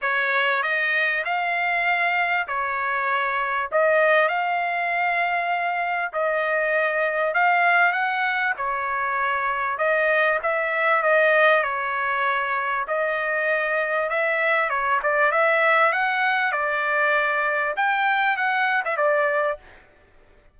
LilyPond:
\new Staff \with { instrumentName = "trumpet" } { \time 4/4 \tempo 4 = 98 cis''4 dis''4 f''2 | cis''2 dis''4 f''4~ | f''2 dis''2 | f''4 fis''4 cis''2 |
dis''4 e''4 dis''4 cis''4~ | cis''4 dis''2 e''4 | cis''8 d''8 e''4 fis''4 d''4~ | d''4 g''4 fis''8. e''16 d''4 | }